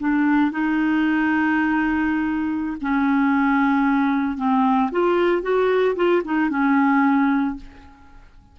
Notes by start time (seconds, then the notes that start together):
0.00 D4
0.52 D#4
2.81 C#4
4.37 C4
4.91 F4
5.42 F#4
5.96 F4
6.25 D#4
6.50 C#4